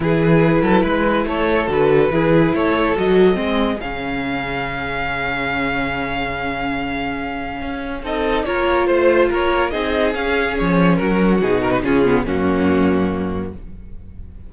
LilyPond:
<<
  \new Staff \with { instrumentName = "violin" } { \time 4/4 \tempo 4 = 142 b'2. cis''4 | b'2 cis''4 dis''4~ | dis''4 f''2.~ | f''1~ |
f''2. dis''4 | cis''4 c''4 cis''4 dis''4 | f''4 cis''4 ais'4 gis'8 ais'16 b'16 | gis'4 fis'2. | }
  \new Staff \with { instrumentName = "violin" } { \time 4/4 gis'4. a'8 b'4 a'4~ | a'4 gis'4 a'2 | gis'1~ | gis'1~ |
gis'2. a'4 | ais'4 c''4 ais'4 gis'4~ | gis'2 fis'2 | f'4 cis'2. | }
  \new Staff \with { instrumentName = "viola" } { \time 4/4 e'1 | fis'4 e'2 fis'4 | c'4 cis'2.~ | cis'1~ |
cis'2. dis'4 | f'2. dis'4 | cis'2. dis'4 | cis'8 b8 ais2. | }
  \new Staff \with { instrumentName = "cello" } { \time 4/4 e4. fis8 gis4 a4 | d4 e4 a4 fis4 | gis4 cis2.~ | cis1~ |
cis2 cis'4 c'4 | ais4 a4 ais4 c'4 | cis'4 f4 fis4 b,4 | cis4 fis,2. | }
>>